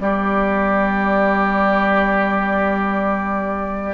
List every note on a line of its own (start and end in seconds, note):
0.00 3.94 G3
0.00 3.94 B3
0.00 3.94 G4
0.00 3.94 D5